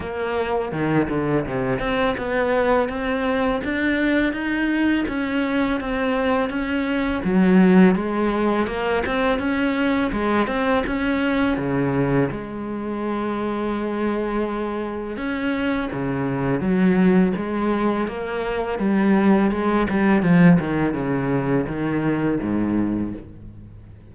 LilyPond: \new Staff \with { instrumentName = "cello" } { \time 4/4 \tempo 4 = 83 ais4 dis8 d8 c8 c'8 b4 | c'4 d'4 dis'4 cis'4 | c'4 cis'4 fis4 gis4 | ais8 c'8 cis'4 gis8 c'8 cis'4 |
cis4 gis2.~ | gis4 cis'4 cis4 fis4 | gis4 ais4 g4 gis8 g8 | f8 dis8 cis4 dis4 gis,4 | }